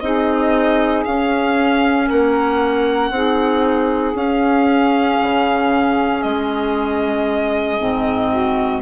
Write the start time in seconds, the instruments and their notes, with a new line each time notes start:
0.00 bassoon C4, clarinet D#4, saxophone G#4, violin D#5
1.05 bassoon C#4, clarinet C#4, violin F5
2.06 bassoon A#3, saxophone A#4, violin F#5
3.10 bassoon C4, clarinet D#4, saxophone G#4
4.14 bassoon C#4, clarinet C#4, violin F5
5.21 bassoon C#3
6.22 bassoon G#3, violin D#5
7.80 bassoon G#2, clarinet C4
8.30 saxophone F#4